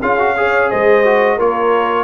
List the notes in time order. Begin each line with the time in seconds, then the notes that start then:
0.00 C#4 F4 G#4 F5
0.19 F#4
0.37 G#4 C#5
0.70 G#3 C5 D#5
1.05 F#4
1.37 A#3 F4 A#4 C#5